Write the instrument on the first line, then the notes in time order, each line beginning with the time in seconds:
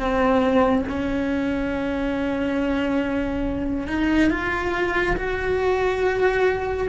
cello
0.00 C4
0.89 C#4
3.88 D#4
4.31 F4
5.17 F#4